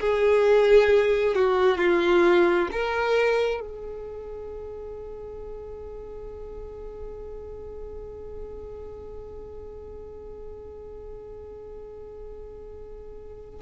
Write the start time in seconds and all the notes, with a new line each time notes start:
0.00 G#4
1.35 F#4
1.78 F4
2.71 A#4
3.60 G#4